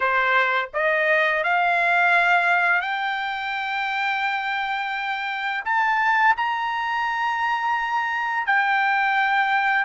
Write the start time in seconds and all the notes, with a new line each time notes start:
0.00 C5
0.73 D#5
1.43 F5
2.81 G5
5.64 A5
6.37 A#5
8.46 G5